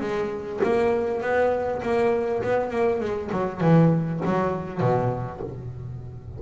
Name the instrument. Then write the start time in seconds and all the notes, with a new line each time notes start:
double bass
0.00 G#3
0.63 A#3
1.21 B3
1.82 A#3
2.43 B3
2.71 A#3
3.01 G#3
3.32 F#3
3.61 E3
4.25 F#3
4.81 B2